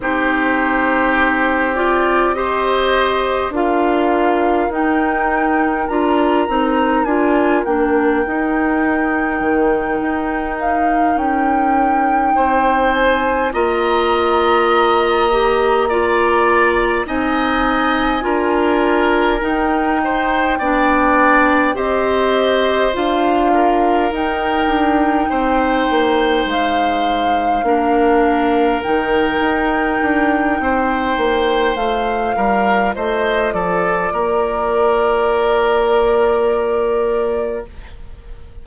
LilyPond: <<
  \new Staff \with { instrumentName = "flute" } { \time 4/4 \tempo 4 = 51 c''4. d''8 dis''4 f''4 | g''4 ais''4 gis''8 g''4.~ | g''4 f''8 g''4. gis''8 ais''8~ | ais''2~ ais''8 gis''4.~ |
gis''8 g''2 dis''4 f''8~ | f''8 g''2 f''4.~ | f''8 g''2~ g''8 f''4 | dis''8 d''2.~ d''8 | }
  \new Staff \with { instrumentName = "oboe" } { \time 4/4 g'2 c''4 ais'4~ | ais'1~ | ais'2~ ais'8 c''4 dis''8~ | dis''4. d''4 dis''4 ais'8~ |
ais'4 c''8 d''4 c''4. | ais'4. c''2 ais'8~ | ais'2 c''4. ais'8 | c''8 a'8 ais'2. | }
  \new Staff \with { instrumentName = "clarinet" } { \time 4/4 dis'4. f'8 g'4 f'4 | dis'4 f'8 dis'8 f'8 d'8 dis'4~ | dis'2.~ dis'8 f'8~ | f'4 g'8 f'4 dis'4 f'8~ |
f'8 dis'4 d'4 g'4 f'8~ | f'8 dis'2. d'8~ | d'8 dis'2~ dis'8 f'4~ | f'1 | }
  \new Staff \with { instrumentName = "bassoon" } { \time 4/4 c'2. d'4 | dis'4 d'8 c'8 d'8 ais8 dis'4 | dis8 dis'4 cis'4 c'4 ais8~ | ais2~ ais8 c'4 d'8~ |
d'8 dis'4 b4 c'4 d'8~ | d'8 dis'8 d'8 c'8 ais8 gis4 ais8~ | ais8 dis8 dis'8 d'8 c'8 ais8 a8 g8 | a8 f8 ais2. | }
>>